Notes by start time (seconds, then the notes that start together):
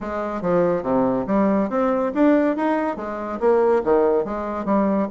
0.01 G#3
0.41 F3
0.82 C3
1.26 G3
1.69 C4
2.14 D4
2.56 D#4
2.96 G#3
3.40 A#3
3.84 D#3
4.24 G#3
4.65 G3